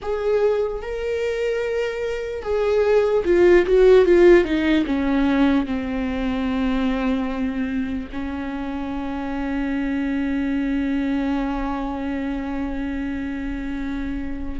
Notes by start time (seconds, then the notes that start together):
0.02 G#4
0.81 A#4
2.42 G#4
3.24 F4
3.66 F#4
4.05 F4
4.44 D#4
4.85 C#4
5.65 C4
8.12 C#4